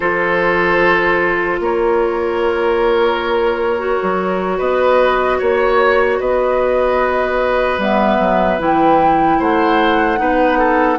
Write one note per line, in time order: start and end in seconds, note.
0.00 1.59 F3
0.00 3.78 F4
0.00 1.60 A4
0.00 1.59 C5
1.59 3.99 A#3
1.59 4.58 A#4
1.59 4.59 C#5
3.78 7.78 F#4
4.02 4.59 F#3
4.58 5.39 B3
4.58 5.38 B4
4.58 5.39 D#5
5.39 6.20 A#3
5.39 6.19 C#5
5.39 6.20 C#5
6.20 7.78 B3
6.20 9.38 B4
6.20 7.80 D#5
7.78 8.18 G3
7.78 8.59 B3
7.78 8.60 E5
8.18 8.58 F#3
8.59 9.39 E3
8.59 10.17 E4
8.59 9.41 G5
9.38 10.20 A3
9.38 10.19 C5
9.38 10.98 F#5
10.17 10.98 B3
10.17 10.97 D#4
10.17 10.58 B4
10.58 10.98 A4